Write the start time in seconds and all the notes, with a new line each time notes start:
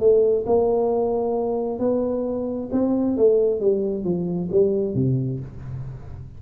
0.00 A3
0.47 A#3
1.79 B3
2.72 C4
3.17 A3
3.60 G3
4.05 F3
4.52 G3
4.95 C3